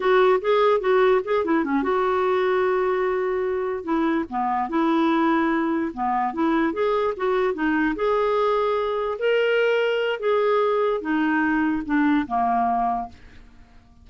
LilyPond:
\new Staff \with { instrumentName = "clarinet" } { \time 4/4 \tempo 4 = 147 fis'4 gis'4 fis'4 gis'8 e'8 | cis'8 fis'2.~ fis'8~ | fis'4. e'4 b4 e'8~ | e'2~ e'8 b4 e'8~ |
e'8 gis'4 fis'4 dis'4 gis'8~ | gis'2~ gis'8 ais'4.~ | ais'4 gis'2 dis'4~ | dis'4 d'4 ais2 | }